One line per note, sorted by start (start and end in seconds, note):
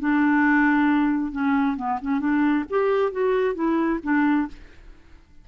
0.00 1.32 D4
1.32 1.77 C#4
1.77 1.99 B3
2.02 2.20 C#4
2.20 2.65 D4
2.70 3.12 G4
3.12 3.55 F#4
3.55 4.00 E4
4.03 4.48 D4